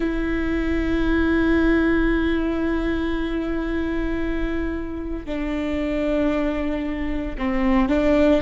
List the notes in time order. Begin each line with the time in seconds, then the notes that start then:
0.00 E4
5.25 D4
7.37 C4
7.89 D4